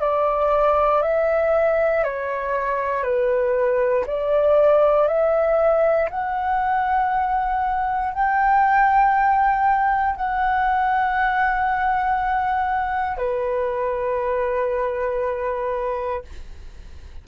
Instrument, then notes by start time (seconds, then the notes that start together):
flute
0.00 D5
1.02 E5
2.03 C#5
3.03 B4
4.06 D5
5.07 E5
6.10 F#5
8.13 G5
10.16 F#5
13.17 B4